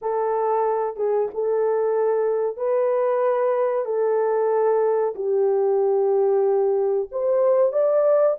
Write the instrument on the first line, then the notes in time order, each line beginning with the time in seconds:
horn
0.01 A4
0.96 G#4
1.33 A4
2.57 B4
3.85 A4
5.15 G4
7.11 C5
7.72 D5